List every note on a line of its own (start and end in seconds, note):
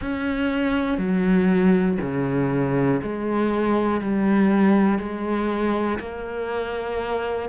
0.01 0.98 C#4
0.98 1.98 F#3
2.00 3.00 C#3
3.02 4.00 G#3
4.00 4.99 G3
4.99 5.99 G#3
5.99 7.49 A#3